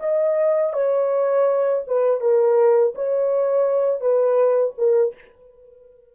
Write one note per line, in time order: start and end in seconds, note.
0.00 0.73 D#5
0.73 1.83 C#5
1.87 2.21 B4
2.21 2.94 A#4
2.95 4.01 C#5
4.01 4.74 B4
4.78 5.15 A#4